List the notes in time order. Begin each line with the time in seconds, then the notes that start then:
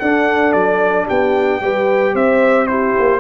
0.00 D4 A4 F#5
0.52 F#3 D5
1.06 B3 G4 G5
1.60 G3 G4 B4
2.14 C4 C5 E5
2.67 E4 G4 C5
2.99 A#3